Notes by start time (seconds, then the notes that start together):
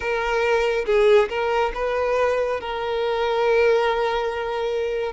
0.00 A#4
0.86 G#4
1.29 A#4
1.74 B4
2.60 A#4